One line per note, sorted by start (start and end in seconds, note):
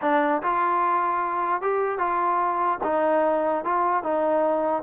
0.01 0.42 D4
0.42 1.61 F4
1.61 1.98 G4
1.98 2.79 F4
2.83 3.64 D#4
3.64 4.03 F4
4.03 4.82 D#4